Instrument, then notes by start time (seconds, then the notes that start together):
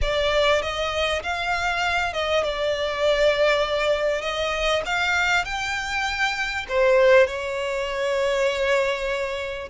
violin
0.01 D5
0.61 D#5
1.22 F5
2.13 D#5
2.43 D5
4.21 D#5
4.85 F5
5.44 G5
6.68 C5
7.26 C#5